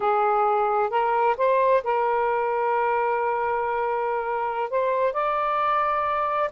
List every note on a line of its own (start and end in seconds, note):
0.00 0.90 G#4
0.90 1.36 A#4
1.37 1.83 C5
1.83 4.69 A#4
4.69 5.13 C5
5.13 6.50 D5